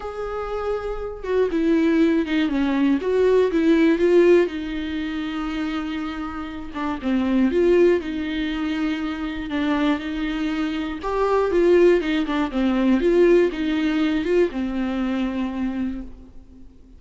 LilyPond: \new Staff \with { instrumentName = "viola" } { \time 4/4 \tempo 4 = 120 gis'2~ gis'8 fis'8 e'4~ | e'8 dis'8 cis'4 fis'4 e'4 | f'4 dis'2.~ | dis'4. d'8 c'4 f'4 |
dis'2. d'4 | dis'2 g'4 f'4 | dis'8 d'8 c'4 f'4 dis'4~ | dis'8 f'8 c'2. | }